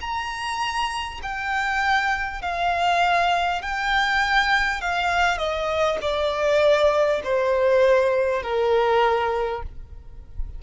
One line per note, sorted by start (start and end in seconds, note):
0.00 1.20 A#5
1.22 2.42 G5
2.42 3.62 F5
3.62 4.81 G5
4.81 5.38 F5
5.38 5.98 D#5
6.01 7.21 D5
7.24 8.42 C5
8.42 9.62 A#4